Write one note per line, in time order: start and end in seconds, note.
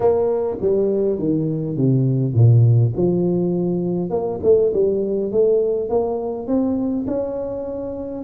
0.00 0.57 A#3
0.61 1.18 G3
1.18 1.76 D#3
1.76 2.33 C3
2.33 2.92 A#2
2.95 4.10 F3
4.10 4.39 A#3
4.43 4.72 A3
4.73 5.31 G3
5.31 5.89 A3
5.89 6.47 A#3
6.47 7.06 C4
7.07 8.24 C#4